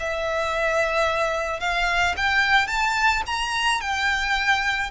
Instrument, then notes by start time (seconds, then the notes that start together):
violin
0.00 E5
1.61 F5
2.17 G5
2.68 A5
3.27 A#5
3.81 G5